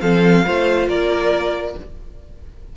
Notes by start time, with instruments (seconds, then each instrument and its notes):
0.00 cello F3, viola C4, violin A4 F5
0.45 cello A3, viola F4, violin C5
0.87 cello A#3, violin A#4 D5